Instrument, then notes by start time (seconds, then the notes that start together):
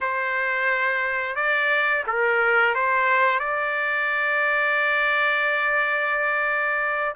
trumpet
0.01 C5
1.35 D5
2.06 A#4
2.75 C5
3.39 D5